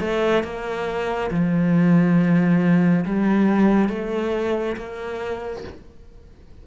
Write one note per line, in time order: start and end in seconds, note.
0.00 0.43 A3
0.43 1.30 A#3
1.30 3.04 F3
3.05 3.89 G3
3.89 4.76 A3
4.77 5.64 A#3